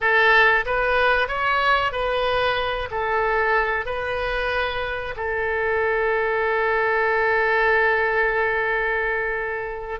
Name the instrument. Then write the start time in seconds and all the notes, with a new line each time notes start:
oboe
0.00 A4
0.65 B4
1.28 C#5
1.91 B4
2.91 A4
3.85 B4
5.16 A4